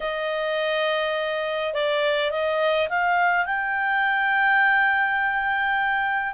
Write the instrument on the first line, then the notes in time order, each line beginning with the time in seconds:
clarinet
0.00 D#5
1.73 D5
2.31 D#5
2.89 F5
3.45 G5